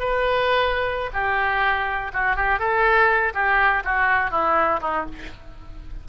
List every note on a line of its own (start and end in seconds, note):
0.00 1.11 B4
1.14 2.12 G4
2.14 2.36 F#4
2.36 2.60 G4
2.60 3.33 A4
3.34 3.84 G4
3.85 4.31 F#4
4.31 4.81 E4
4.82 5.06 D#4